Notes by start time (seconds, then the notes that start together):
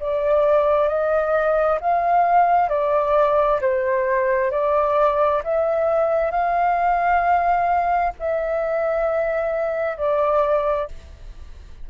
0.00 D5
0.88 D#5
1.81 F5
2.69 D5
3.62 C5
4.52 D5
5.44 E5
6.31 F5
8.20 E5
9.98 D5